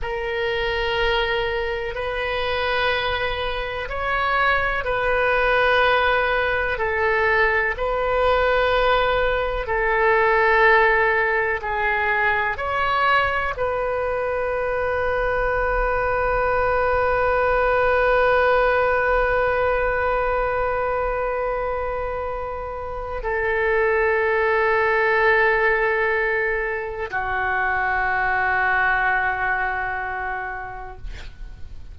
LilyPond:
\new Staff \with { instrumentName = "oboe" } { \time 4/4 \tempo 4 = 62 ais'2 b'2 | cis''4 b'2 a'4 | b'2 a'2 | gis'4 cis''4 b'2~ |
b'1~ | b'1 | a'1 | fis'1 | }